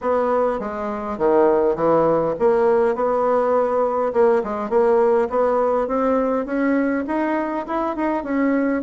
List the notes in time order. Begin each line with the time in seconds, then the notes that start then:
0.01 B3
0.59 G#3
1.18 D#3
1.75 E3
2.39 A#3
2.95 B3
4.13 A#3
4.43 G#3
4.69 A#3
5.29 B3
5.87 C4
6.45 C#4
7.07 D#4
7.66 E4
7.96 D#4
8.23 C#4